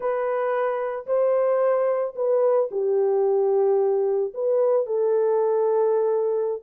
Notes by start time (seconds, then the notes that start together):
0.00 B4
1.06 C5
2.15 B4
2.71 G4
4.34 B4
4.86 A4